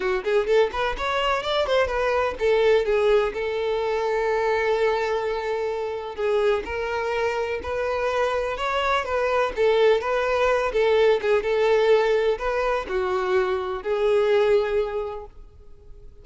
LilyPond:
\new Staff \with { instrumentName = "violin" } { \time 4/4 \tempo 4 = 126 fis'8 gis'8 a'8 b'8 cis''4 d''8 c''8 | b'4 a'4 gis'4 a'4~ | a'1~ | a'4 gis'4 ais'2 |
b'2 cis''4 b'4 | a'4 b'4. a'4 gis'8 | a'2 b'4 fis'4~ | fis'4 gis'2. | }